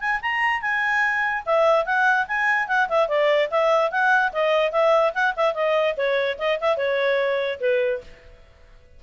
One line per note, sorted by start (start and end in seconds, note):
0.00 0.21 G#5
0.21 0.61 A#5
0.61 1.43 G#5
1.46 1.85 E5
1.85 2.26 F#5
2.27 2.68 G#5
2.68 2.88 F#5
2.89 3.08 E5
3.08 3.49 D5
3.50 3.91 E5
3.91 4.32 F#5
4.32 4.71 D#5
4.71 5.13 E5
5.14 5.34 F#5
5.36 5.54 E5
5.54 5.95 D#5
5.97 6.38 C#5
6.38 6.59 D#5
6.60 6.77 E5
6.77 7.59 C#5
7.60 8.01 B4